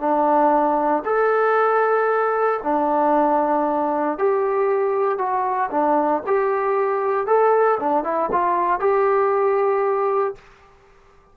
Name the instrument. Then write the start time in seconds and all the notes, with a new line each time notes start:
trombone
0.00 D4
1.06 A4
2.64 D4
4.19 G4
5.18 F#4
5.72 D4
6.27 G4
7.27 A4
7.80 D4
8.04 E4
8.32 F4
8.80 G4